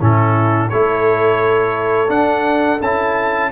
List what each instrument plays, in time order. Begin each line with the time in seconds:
0.00 tuba A2, trombone C#4, horn E4, trumpet A4
0.69 tuba A3, trombone E4, horn A4, trumpet C#5
2.08 trombone D4, tuba D4, trumpet F#5
2.81 tuba C#4, trombone E4, trumpet A5